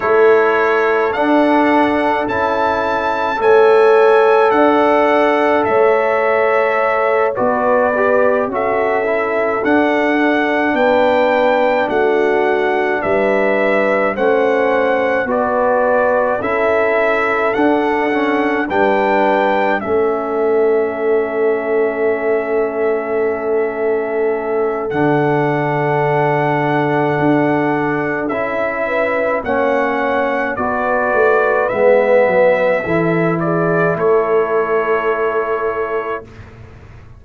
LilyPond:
<<
  \new Staff \with { instrumentName = "trumpet" } { \time 4/4 \tempo 4 = 53 cis''4 fis''4 a''4 gis''4 | fis''4 e''4. d''4 e''8~ | e''8 fis''4 g''4 fis''4 e''8~ | e''8 fis''4 d''4 e''4 fis''8~ |
fis''8 g''4 e''2~ e''8~ | e''2 fis''2~ | fis''4 e''4 fis''4 d''4 | e''4. d''8 cis''2 | }
  \new Staff \with { instrumentName = "horn" } { \time 4/4 a'2. cis''4 | d''4 cis''4. b'4 a'8~ | a'4. b'4 fis'4 b'8~ | b'8 c''4 b'4 a'4.~ |
a'8 b'4 a'2~ a'8~ | a'1~ | a'4. b'8 cis''4 b'4~ | b'4 a'8 gis'8 a'2 | }
  \new Staff \with { instrumentName = "trombone" } { \time 4/4 e'4 d'4 e'4 a'4~ | a'2~ a'8 fis'8 g'8 fis'8 | e'8 d'2.~ d'8~ | d'8 cis'4 fis'4 e'4 d'8 |
cis'8 d'4 cis'2~ cis'8~ | cis'2 d'2~ | d'4 e'4 cis'4 fis'4 | b4 e'2. | }
  \new Staff \with { instrumentName = "tuba" } { \time 4/4 a4 d'4 cis'4 a4 | d'4 a4. b4 cis'8~ | cis'8 d'4 b4 a4 g8~ | g8 a4 b4 cis'4 d'8~ |
d'8 g4 a2~ a8~ | a2 d2 | d'4 cis'4 ais4 b8 a8 | gis8 fis8 e4 a2 | }
>>